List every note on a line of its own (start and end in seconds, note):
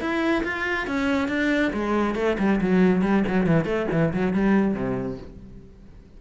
0.00 0.43 E4
0.44 0.87 F4
0.87 1.28 C#4
1.28 1.72 D4
1.73 2.15 G#3
2.15 2.37 A3
2.38 2.60 G3
2.61 3.02 F#3
3.02 3.24 G3
3.27 3.46 F#3
3.46 3.65 E3
3.65 3.87 A3
3.91 4.13 E3
4.13 4.33 F#3
4.33 4.74 G3
4.74 5.18 C3